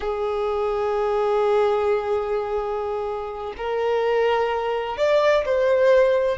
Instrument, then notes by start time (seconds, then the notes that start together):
violin
0.00 G#4
3.57 A#4
4.97 D5
5.45 C5